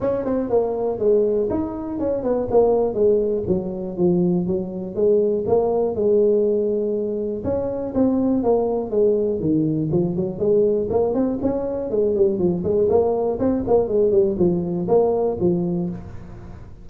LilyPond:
\new Staff \with { instrumentName = "tuba" } { \time 4/4 \tempo 4 = 121 cis'8 c'8 ais4 gis4 dis'4 | cis'8 b8 ais4 gis4 fis4 | f4 fis4 gis4 ais4 | gis2. cis'4 |
c'4 ais4 gis4 dis4 | f8 fis8 gis4 ais8 c'8 cis'4 | gis8 g8 f8 gis8 ais4 c'8 ais8 | gis8 g8 f4 ais4 f4 | }